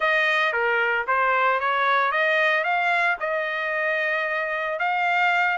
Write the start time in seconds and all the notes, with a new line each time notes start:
0.00 D#5
0.52 A#4
1.07 C5
1.60 C#5
2.11 D#5
2.64 F5
3.20 D#5
4.79 F5